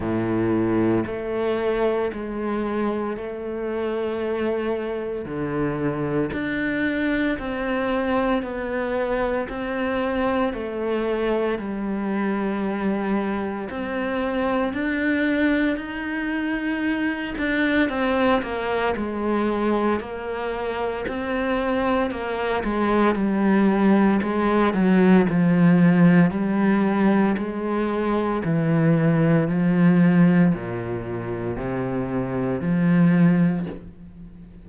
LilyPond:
\new Staff \with { instrumentName = "cello" } { \time 4/4 \tempo 4 = 57 a,4 a4 gis4 a4~ | a4 d4 d'4 c'4 | b4 c'4 a4 g4~ | g4 c'4 d'4 dis'4~ |
dis'8 d'8 c'8 ais8 gis4 ais4 | c'4 ais8 gis8 g4 gis8 fis8 | f4 g4 gis4 e4 | f4 ais,4 c4 f4 | }